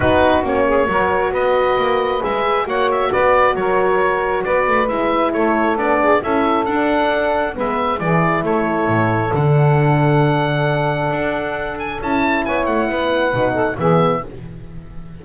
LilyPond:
<<
  \new Staff \with { instrumentName = "oboe" } { \time 4/4 \tempo 4 = 135 b'4 cis''2 dis''4~ | dis''4 e''4 fis''8 e''8 d''4 | cis''2 d''4 e''4 | cis''4 d''4 e''4 fis''4~ |
fis''4 e''4 d''4 cis''4~ | cis''4 fis''2.~ | fis''2~ fis''8 gis''8 a''4 | gis''8 fis''2~ fis''8 e''4 | }
  \new Staff \with { instrumentName = "saxophone" } { \time 4/4 fis'4. gis'8 ais'4 b'4~ | b'2 cis''4 b'4 | ais'2 b'2 | a'4. gis'8 a'2~ |
a'4 b'4 gis'4 a'4~ | a'1~ | a'1 | cis''4 b'4. a'8 gis'4 | }
  \new Staff \with { instrumentName = "horn" } { \time 4/4 dis'4 cis'4 fis'2~ | fis'4 gis'4 fis'2~ | fis'2. e'4~ | e'4 d'4 e'4 d'4~ |
d'4 b4 e'2~ | e'4 d'2.~ | d'2. e'4~ | e'2 dis'4 b4 | }
  \new Staff \with { instrumentName = "double bass" } { \time 4/4 b4 ais4 fis4 b4 | ais4 gis4 ais4 b4 | fis2 b8 a8 gis4 | a4 b4 cis'4 d'4~ |
d'4 gis4 e4 a4 | a,4 d2.~ | d4 d'2 cis'4 | b8 a8 b4 b,4 e4 | }
>>